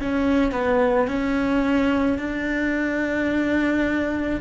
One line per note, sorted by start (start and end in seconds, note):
0.00 0.52 C#4
0.52 1.08 B3
1.08 2.19 C#4
2.19 4.41 D4